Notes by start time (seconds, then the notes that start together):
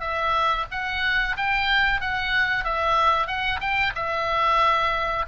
0.00 E5
0.71 F#5
1.37 G5
2.01 F#5
2.64 E5
3.27 F#5
3.60 G5
3.95 E5